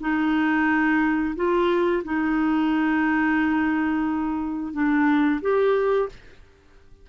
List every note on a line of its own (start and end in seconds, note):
0.00 1.35 D#4
1.36 2.03 F4
2.04 4.73 D#4
4.73 5.41 D4
5.41 6.09 G4